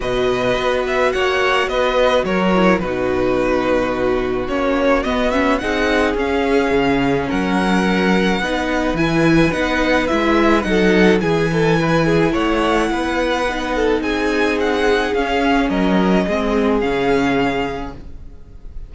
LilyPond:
<<
  \new Staff \with { instrumentName = "violin" } { \time 4/4 \tempo 4 = 107 dis''4. e''8 fis''4 dis''4 | cis''4 b'2. | cis''4 dis''8 e''8 fis''4 f''4~ | f''4 fis''2. |
gis''4 fis''4 e''4 fis''4 | gis''2 fis''2~ | fis''4 gis''4 fis''4 f''4 | dis''2 f''2 | }
  \new Staff \with { instrumentName = "violin" } { \time 4/4 b'2 cis''4 b'4 | ais'4 fis'2.~ | fis'2 gis'2~ | gis'4 ais'2 b'4~ |
b'2. a'4 | gis'8 a'8 b'8 gis'8 cis''4 b'4~ | b'8 a'8 gis'2. | ais'4 gis'2. | }
  \new Staff \with { instrumentName = "viola" } { \time 4/4 fis'1~ | fis'8 e'8 dis'2. | cis'4 b8 cis'8 dis'4 cis'4~ | cis'2. dis'4 |
e'4 dis'4 e'4 dis'4 | e'1 | dis'2. cis'4~ | cis'4 c'4 cis'2 | }
  \new Staff \with { instrumentName = "cello" } { \time 4/4 b,4 b4 ais4 b4 | fis4 b,2. | ais4 b4 c'4 cis'4 | cis4 fis2 b4 |
e4 b4 gis4 fis4 | e2 a4 b4~ | b4 c'2 cis'4 | fis4 gis4 cis2 | }
>>